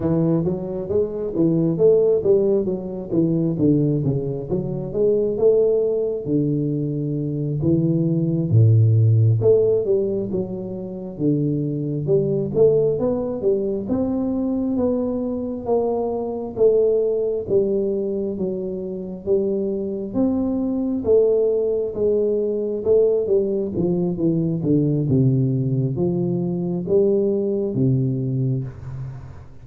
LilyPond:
\new Staff \with { instrumentName = "tuba" } { \time 4/4 \tempo 4 = 67 e8 fis8 gis8 e8 a8 g8 fis8 e8 | d8 cis8 fis8 gis8 a4 d4~ | d8 e4 a,4 a8 g8 fis8~ | fis8 d4 g8 a8 b8 g8 c'8~ |
c'8 b4 ais4 a4 g8~ | g8 fis4 g4 c'4 a8~ | a8 gis4 a8 g8 f8 e8 d8 | c4 f4 g4 c4 | }